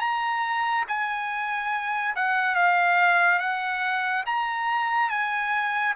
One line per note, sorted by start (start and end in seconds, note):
0.00 0.85 A#5
0.88 2.15 G#5
2.16 2.55 F#5
2.55 3.40 F5
3.40 4.24 F#5
4.27 5.10 A#5
5.10 5.94 G#5